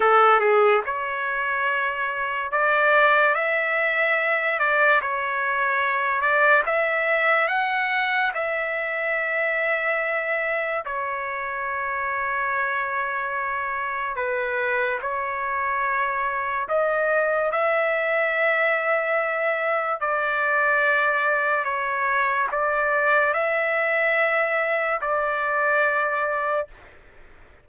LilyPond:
\new Staff \with { instrumentName = "trumpet" } { \time 4/4 \tempo 4 = 72 a'8 gis'8 cis''2 d''4 | e''4. d''8 cis''4. d''8 | e''4 fis''4 e''2~ | e''4 cis''2.~ |
cis''4 b'4 cis''2 | dis''4 e''2. | d''2 cis''4 d''4 | e''2 d''2 | }